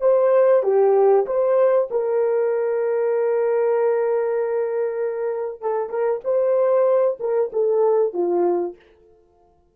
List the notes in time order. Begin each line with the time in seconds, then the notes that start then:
0.00 C5
0.63 G4
1.26 C5
1.90 A#4
5.61 A4
5.89 A#4
6.24 C5
7.19 A#4
7.52 A4
8.13 F4